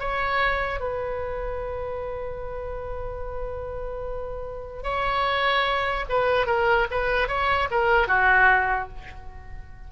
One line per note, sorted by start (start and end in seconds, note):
0.00 0.81 C#5
0.81 4.84 B4
4.84 6.06 C#5
6.10 6.47 B4
6.47 6.87 A#4
6.91 7.28 B4
7.28 7.69 C#5
7.71 8.08 A#4
8.08 8.89 F#4